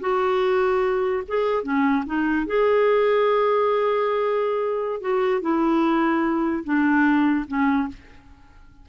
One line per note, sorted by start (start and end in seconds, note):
0.00 1.22 F#4
1.28 1.63 G#4
1.63 2.04 C#4
2.06 2.46 D#4
2.46 5.01 G#4
5.01 5.41 F#4
5.41 6.63 E4
6.64 7.45 D4
7.47 7.88 C#4